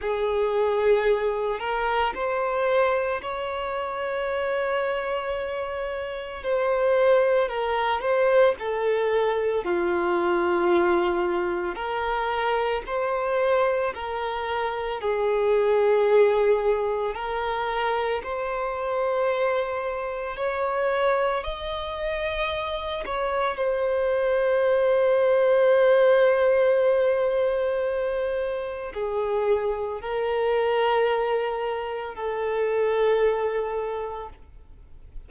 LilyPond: \new Staff \with { instrumentName = "violin" } { \time 4/4 \tempo 4 = 56 gis'4. ais'8 c''4 cis''4~ | cis''2 c''4 ais'8 c''8 | a'4 f'2 ais'4 | c''4 ais'4 gis'2 |
ais'4 c''2 cis''4 | dis''4. cis''8 c''2~ | c''2. gis'4 | ais'2 a'2 | }